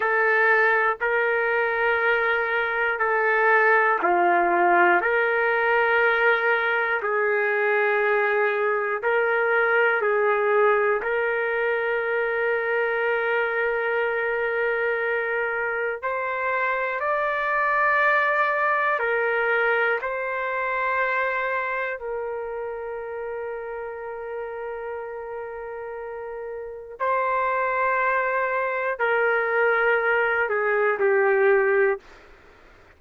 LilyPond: \new Staff \with { instrumentName = "trumpet" } { \time 4/4 \tempo 4 = 60 a'4 ais'2 a'4 | f'4 ais'2 gis'4~ | gis'4 ais'4 gis'4 ais'4~ | ais'1 |
c''4 d''2 ais'4 | c''2 ais'2~ | ais'2. c''4~ | c''4 ais'4. gis'8 g'4 | }